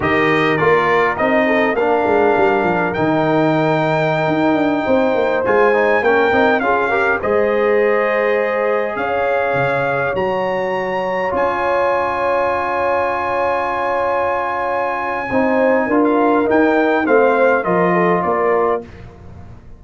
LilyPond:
<<
  \new Staff \with { instrumentName = "trumpet" } { \time 4/4 \tempo 4 = 102 dis''4 d''4 dis''4 f''4~ | f''4 g''2.~ | g''4~ g''16 gis''4 g''4 f''8.~ | f''16 dis''2. f''8.~ |
f''4~ f''16 ais''2 gis''8.~ | gis''1~ | gis''2.~ gis''16 f''8. | g''4 f''4 dis''4 d''4 | }
  \new Staff \with { instrumentName = "horn" } { \time 4/4 ais'2~ ais'8 a'8 ais'4~ | ais'1~ | ais'16 c''2 ais'4 gis'8 ais'16~ | ais'16 c''2. cis''8.~ |
cis''1~ | cis''1~ | cis''2 c''4 ais'4~ | ais'4 c''4 ais'8 a'8 ais'4 | }
  \new Staff \with { instrumentName = "trombone" } { \time 4/4 g'4 f'4 dis'4 d'4~ | d'4 dis'2.~ | dis'4~ dis'16 f'8 dis'8 cis'8 dis'8 f'8 g'16~ | g'16 gis'2.~ gis'8.~ |
gis'4~ gis'16 fis'2 f'8.~ | f'1~ | f'2 dis'4 f'4 | dis'4 c'4 f'2 | }
  \new Staff \with { instrumentName = "tuba" } { \time 4/4 dis4 ais4 c'4 ais8 gis8 | g8 f8 dis2~ dis16 dis'8 d'16~ | d'16 c'8 ais8 gis4 ais8 c'8 cis'8.~ | cis'16 gis2. cis'8.~ |
cis'16 cis4 fis2 cis'8.~ | cis'1~ | cis'2 c'4 d'4 | dis'4 a4 f4 ais4 | }
>>